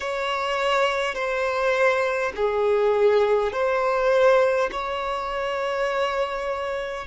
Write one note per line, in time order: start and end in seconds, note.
0.00 1.14 C#5
1.14 2.32 C5
2.35 3.52 G#4
3.52 4.70 C5
4.71 7.06 C#5